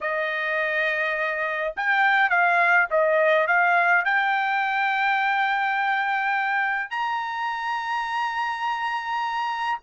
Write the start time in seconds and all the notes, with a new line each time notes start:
0.01 D#5
1.76 G5
2.29 F5
2.90 D#5
3.47 F5
4.04 G5
6.90 A#5